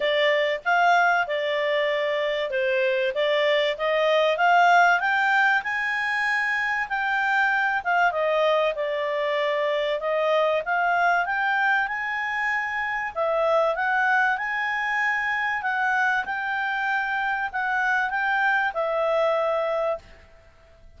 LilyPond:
\new Staff \with { instrumentName = "clarinet" } { \time 4/4 \tempo 4 = 96 d''4 f''4 d''2 | c''4 d''4 dis''4 f''4 | g''4 gis''2 g''4~ | g''8 f''8 dis''4 d''2 |
dis''4 f''4 g''4 gis''4~ | gis''4 e''4 fis''4 gis''4~ | gis''4 fis''4 g''2 | fis''4 g''4 e''2 | }